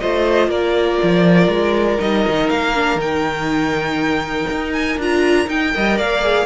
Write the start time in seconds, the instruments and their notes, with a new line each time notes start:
0.00 cello A3, viola F4, violin C5 D#5
0.48 cello A#3, violin A#4 D5
1.03 cello F3
1.48 cello G#3
1.98 cello G3, viola D#4, violin D#5
2.28 cello D#3
2.49 cello A#3, violin F5
2.75 viola D4
2.95 cello D#3, viola D#4, violin G5
4.51 cello D#4
4.72 violin G#5
4.97 cello D4, viola F4, violin A#5
5.47 viola D#4, cello D#4, violin G5
5.73 cello G3, viola A#4, violin D#5
5.96 cello A#3, violin D5 F5
6.22 viola G#4